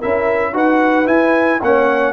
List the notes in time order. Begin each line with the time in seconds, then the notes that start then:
0.00 C#4 E4 A#4 E5
0.53 D#4 F#4 B4 F#5
1.06 E4 G#5
1.62 A#3 C#4 C#5 F#5